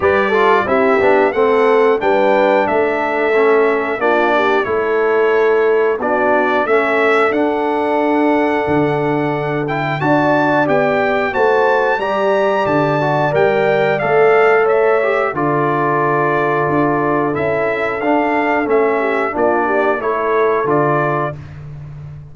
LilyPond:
<<
  \new Staff \with { instrumentName = "trumpet" } { \time 4/4 \tempo 4 = 90 d''4 e''4 fis''4 g''4 | e''2 d''4 cis''4~ | cis''4 d''4 e''4 fis''4~ | fis''2~ fis''8 g''8 a''4 |
g''4 a''4 ais''4 a''4 | g''4 f''4 e''4 d''4~ | d''2 e''4 f''4 | e''4 d''4 cis''4 d''4 | }
  \new Staff \with { instrumentName = "horn" } { \time 4/4 b'8 a'8 g'4 a'4 b'4 | a'2 f'8 g'8 a'4~ | a'4 fis'4 a'2~ | a'2. d''4~ |
d''4 c''4 d''2~ | d''2 cis''4 a'4~ | a'1~ | a'8 g'8 f'8 g'8 a'2 | }
  \new Staff \with { instrumentName = "trombone" } { \time 4/4 g'8 f'8 e'8 d'8 c'4 d'4~ | d'4 cis'4 d'4 e'4~ | e'4 d'4 cis'4 d'4~ | d'2~ d'8 e'8 fis'4 |
g'4 fis'4 g'4. fis'8 | ais'4 a'4. g'8 f'4~ | f'2 e'4 d'4 | cis'4 d'4 e'4 f'4 | }
  \new Staff \with { instrumentName = "tuba" } { \time 4/4 g4 c'8 b8 a4 g4 | a2 ais4 a4~ | a4 b4 a4 d'4~ | d'4 d2 d'4 |
b4 a4 g4 d4 | g4 a2 d4~ | d4 d'4 cis'4 d'4 | a4 ais4 a4 d4 | }
>>